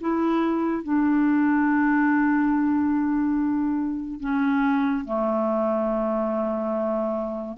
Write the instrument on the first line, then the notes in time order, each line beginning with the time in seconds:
clarinet
0.00 E4
0.83 D4
4.20 C#4
5.04 A3